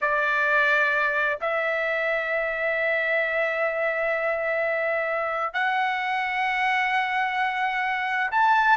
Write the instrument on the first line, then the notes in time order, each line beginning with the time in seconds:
trumpet
0.01 D5
1.41 E5
5.53 F#5
8.31 A5